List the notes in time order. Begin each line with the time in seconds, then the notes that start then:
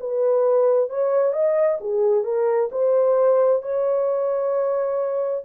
0.00 B4
0.89 C#5
1.33 D#5
1.80 G#4
2.24 A#4
2.71 C5
3.62 C#5